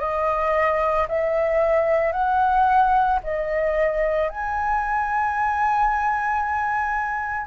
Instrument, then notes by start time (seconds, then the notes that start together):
flute
0.00 D#5
1.08 E5
2.12 F#5
3.23 D#5
4.30 G#5